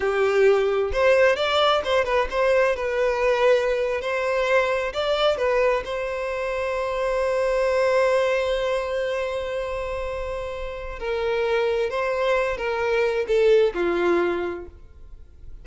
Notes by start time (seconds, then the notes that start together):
0.00 G4
0.92 C5
1.35 D5
1.84 C5
2.05 B4
2.30 C5
2.76 B4
4.01 C5
4.93 D5
5.37 B4
5.84 C5
10.99 A#4
11.89 C5
12.57 A#4
13.27 A4
13.73 F4